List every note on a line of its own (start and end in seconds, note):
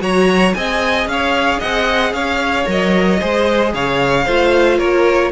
0.00 0.54 F#3
0.00 0.53 F#4
0.00 0.55 C#5
0.00 0.54 A#5
0.54 1.07 C4
0.54 2.66 G#4
0.54 1.11 D#5
0.54 1.07 G#5
1.07 1.60 C#4
1.07 1.59 C#5
1.07 1.61 F5
1.59 2.13 C4
1.59 2.12 D#5
1.59 2.14 F#5
2.13 2.66 C#4
2.13 3.20 C#5
2.13 2.67 F5
2.66 3.21 F#3
2.66 3.19 A#4
2.66 3.75 D#5
3.20 3.74 G#3
3.20 4.28 G#4
3.20 3.73 C5
3.74 4.27 C#3
3.74 4.25 C#5
3.74 4.79 F5
4.25 4.79 A3
4.25 5.32 F4
4.25 4.78 C5
4.79 5.32 A#3
4.79 5.32 A#4
4.79 5.32 C#5